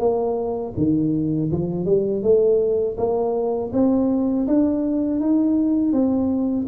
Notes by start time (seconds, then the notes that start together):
0.00 A#3
0.77 D#3
1.52 F3
1.86 G3
2.23 A3
2.98 A#3
3.73 C4
4.47 D4
5.21 D#4
5.93 C4